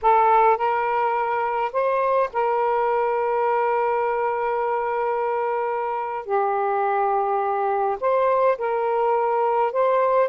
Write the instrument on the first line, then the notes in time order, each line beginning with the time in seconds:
saxophone
0.02 A4
0.57 A#4
1.72 C5
2.32 A#4
6.25 G4
8.00 C5
8.58 A#4
9.72 C5